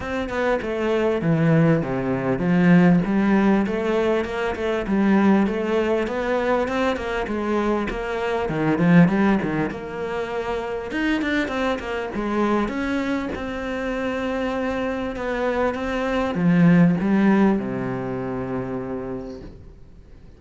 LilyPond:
\new Staff \with { instrumentName = "cello" } { \time 4/4 \tempo 4 = 99 c'8 b8 a4 e4 c4 | f4 g4 a4 ais8 a8 | g4 a4 b4 c'8 ais8 | gis4 ais4 dis8 f8 g8 dis8 |
ais2 dis'8 d'8 c'8 ais8 | gis4 cis'4 c'2~ | c'4 b4 c'4 f4 | g4 c2. | }